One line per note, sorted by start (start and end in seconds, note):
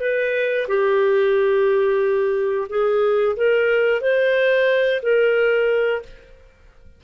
0.00 0.67 B4
0.68 2.68 G4
2.69 3.35 G#4
3.36 4.01 A#4
4.01 5.01 C5
5.02 6.02 A#4